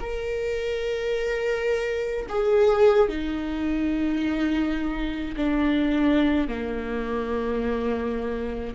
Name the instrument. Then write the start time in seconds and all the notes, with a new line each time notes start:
viola
0.00 A#4
2.29 G#4
3.09 D#4
5.36 D4
6.48 A#3